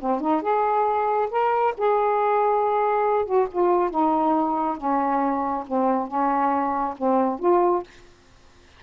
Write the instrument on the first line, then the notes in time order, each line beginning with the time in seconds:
saxophone
0.00 C4
0.20 D#4
0.42 G#4
1.30 A#4
1.77 G#4
3.25 F#4
3.51 F4
3.90 D#4
4.77 C#4
5.67 C4
6.07 C#4
6.97 C4
7.39 F4